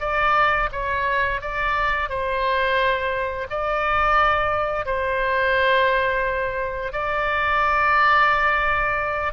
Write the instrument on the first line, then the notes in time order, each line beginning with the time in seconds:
oboe
0.00 D5
0.72 C#5
1.41 D5
2.09 C5
3.50 D5
4.85 C5
6.92 D5